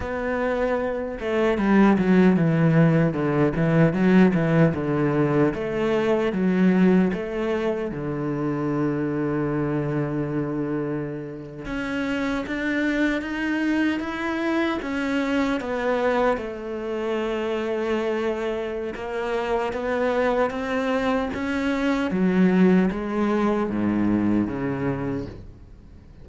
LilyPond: \new Staff \with { instrumentName = "cello" } { \time 4/4 \tempo 4 = 76 b4. a8 g8 fis8 e4 | d8 e8 fis8 e8 d4 a4 | fis4 a4 d2~ | d2~ d8. cis'4 d'16~ |
d'8. dis'4 e'4 cis'4 b16~ | b8. a2.~ a16 | ais4 b4 c'4 cis'4 | fis4 gis4 gis,4 cis4 | }